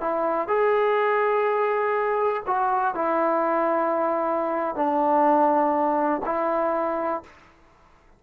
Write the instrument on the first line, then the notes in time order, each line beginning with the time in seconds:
trombone
0.00 E4
0.47 G#4
2.46 F#4
2.94 E4
4.75 D4
6.25 E4